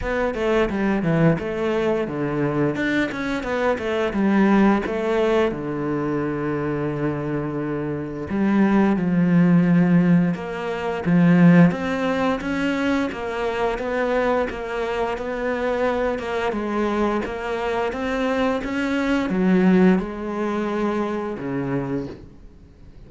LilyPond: \new Staff \with { instrumentName = "cello" } { \time 4/4 \tempo 4 = 87 b8 a8 g8 e8 a4 d4 | d'8 cis'8 b8 a8 g4 a4 | d1 | g4 f2 ais4 |
f4 c'4 cis'4 ais4 | b4 ais4 b4. ais8 | gis4 ais4 c'4 cis'4 | fis4 gis2 cis4 | }